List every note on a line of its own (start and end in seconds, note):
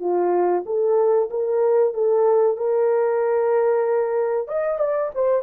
0.00 0.64 F4
0.66 1.29 A4
1.30 1.94 A#4
1.94 2.57 A4
2.57 4.48 A#4
4.48 4.79 D#5
4.79 5.11 D5
5.14 5.42 C5